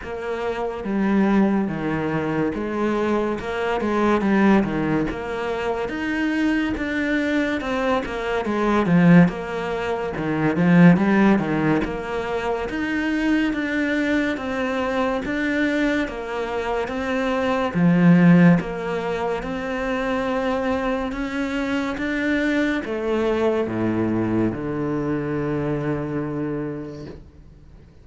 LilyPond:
\new Staff \with { instrumentName = "cello" } { \time 4/4 \tempo 4 = 71 ais4 g4 dis4 gis4 | ais8 gis8 g8 dis8 ais4 dis'4 | d'4 c'8 ais8 gis8 f8 ais4 | dis8 f8 g8 dis8 ais4 dis'4 |
d'4 c'4 d'4 ais4 | c'4 f4 ais4 c'4~ | c'4 cis'4 d'4 a4 | a,4 d2. | }